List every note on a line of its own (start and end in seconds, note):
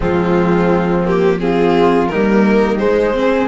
0.00 2.10 F3
0.00 1.04 G#3
0.00 1.37 C4
0.00 1.06 F4
1.05 1.39 A#3
1.05 1.40 G4
1.40 2.10 C4
1.40 2.11 F4
1.40 2.07 G#4
2.07 2.80 G3
2.07 3.16 D#4
2.07 2.77 A#4
2.14 2.79 A#3
2.78 3.14 G#3
2.78 3.47 G#3
2.78 3.47 C5
3.14 3.47 C4
3.14 3.47 G#4